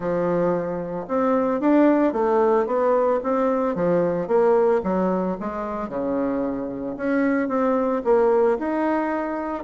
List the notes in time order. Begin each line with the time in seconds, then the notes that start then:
0.00 F3
1.08 C4
1.60 D4
2.12 A3
2.66 B3
3.23 C4
3.75 F3
4.27 A#3
4.83 F#3
5.40 G#3
5.88 C#3
6.96 C#4
7.48 C4
8.04 A#3
8.59 D#4